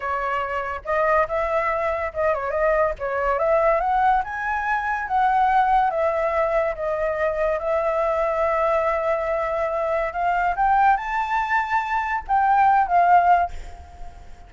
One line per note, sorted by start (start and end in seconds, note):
0.00 0.81 C#5
0.85 1.27 D#5
1.28 2.12 E5
2.13 2.34 D#5
2.34 2.50 C#5
2.50 2.93 D#5
2.98 3.38 C#5
3.38 3.80 E5
3.80 4.22 F#5
4.24 5.07 G#5
5.07 5.90 F#5
5.90 6.74 E5
6.75 7.59 D#5
7.59 10.12 E5
10.12 10.55 F5
10.56 10.96 G5
10.96 12.23 A5
12.27 12.87 G5
12.87 13.50 F5